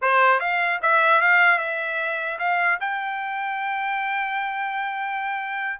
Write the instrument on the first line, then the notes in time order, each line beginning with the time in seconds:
trumpet
0.01 C5
0.40 F5
0.82 E5
1.21 F5
1.58 E5
2.38 F5
2.80 G5